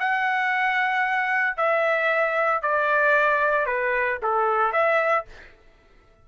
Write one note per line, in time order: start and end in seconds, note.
0.00 1.57 F#5
1.57 2.62 E5
2.62 3.66 D5
3.66 4.19 B4
4.23 4.73 A4
4.73 5.25 E5